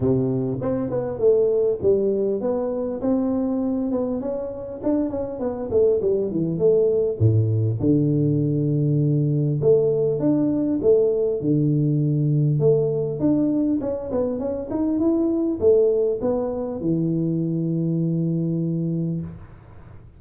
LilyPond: \new Staff \with { instrumentName = "tuba" } { \time 4/4 \tempo 4 = 100 c4 c'8 b8 a4 g4 | b4 c'4. b8 cis'4 | d'8 cis'8 b8 a8 g8 e8 a4 | a,4 d2. |
a4 d'4 a4 d4~ | d4 a4 d'4 cis'8 b8 | cis'8 dis'8 e'4 a4 b4 | e1 | }